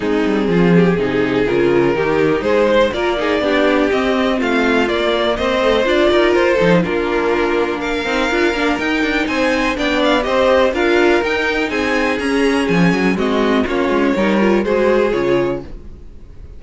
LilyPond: <<
  \new Staff \with { instrumentName = "violin" } { \time 4/4 \tempo 4 = 123 gis'2. ais'4~ | ais'4 c''4 d''2 | dis''4 f''4 d''4 dis''4 | d''4 c''4 ais'2 |
f''2 g''4 gis''4 | g''8 f''8 dis''4 f''4 g''4 | gis''4 ais''4 gis''4 dis''4 | cis''2 c''4 cis''4 | }
  \new Staff \with { instrumentName = "violin" } { \time 4/4 dis'4 f'8 g'8 gis'2 | g'4 gis'8 c''8 ais'8 gis'8 g'4~ | g'4 f'2 c''4~ | c''8 ais'4 a'8 f'2 |
ais'2. c''4 | d''4 c''4 ais'2 | gis'2. fis'4 | f'4 ais'4 gis'2 | }
  \new Staff \with { instrumentName = "viola" } { \time 4/4 c'2 dis'4 f'4 | dis'2 f'8 dis'8 d'4 | c'2 ais4. a8 | f'4. dis'8 d'2~ |
d'8 dis'8 f'8 d'8 dis'2 | d'4 g'4 f'4 dis'4~ | dis'4 cis'2 c'4 | cis'4 dis'8 f'8 fis'4 f'4 | }
  \new Staff \with { instrumentName = "cello" } { \time 4/4 gis8 g8 f4 c4 cis4 | dis4 gis4 ais4 b4 | c'4 a4 ais4 c'4 | d'8 dis'8 f'8 f8 ais2~ |
ais8 c'8 d'8 ais8 dis'8 d'8 c'4 | b4 c'4 d'4 dis'4 | c'4 cis'4 f8 fis8 gis4 | ais8 gis8 g4 gis4 cis4 | }
>>